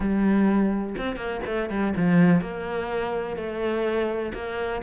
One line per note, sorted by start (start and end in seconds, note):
0.00 0.95 G3
0.98 1.16 C4
1.16 1.40 A#3
1.46 1.69 A3
1.69 1.93 G3
1.96 2.41 F3
2.41 3.36 A#3
3.36 4.32 A3
4.34 4.82 A#3